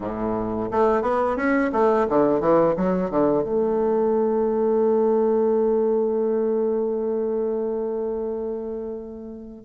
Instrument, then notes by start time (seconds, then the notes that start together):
bassoon
0.00 A2
0.71 A3
1.02 B3
1.36 C#4
1.72 A3
2.09 D3
2.40 E3
2.76 F#3
3.10 D3
3.43 A3